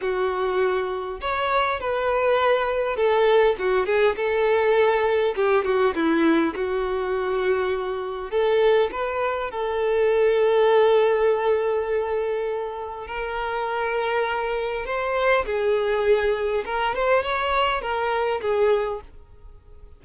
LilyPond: \new Staff \with { instrumentName = "violin" } { \time 4/4 \tempo 4 = 101 fis'2 cis''4 b'4~ | b'4 a'4 fis'8 gis'8 a'4~ | a'4 g'8 fis'8 e'4 fis'4~ | fis'2 a'4 b'4 |
a'1~ | a'2 ais'2~ | ais'4 c''4 gis'2 | ais'8 c''8 cis''4 ais'4 gis'4 | }